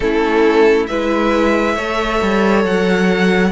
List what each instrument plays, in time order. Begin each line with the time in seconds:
0.00 cello A3, viola C#4, violin E4 A4
0.86 cello G#3, viola E4, violin B4 E5
1.75 cello A3, viola A4, violin C#5
2.22 cello G3
2.63 cello F#3, violin F#5